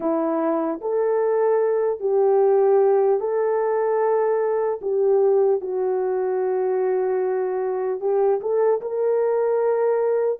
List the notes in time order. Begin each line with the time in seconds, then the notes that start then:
0.00 E4
0.81 A4
2.00 G4
3.20 A4
4.81 G4
5.60 F#4
8.00 G4
8.40 A4
8.81 A#4